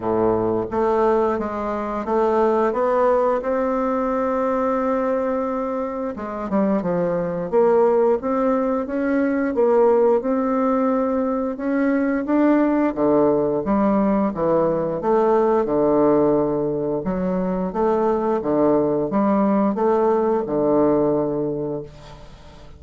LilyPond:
\new Staff \with { instrumentName = "bassoon" } { \time 4/4 \tempo 4 = 88 a,4 a4 gis4 a4 | b4 c'2.~ | c'4 gis8 g8 f4 ais4 | c'4 cis'4 ais4 c'4~ |
c'4 cis'4 d'4 d4 | g4 e4 a4 d4~ | d4 fis4 a4 d4 | g4 a4 d2 | }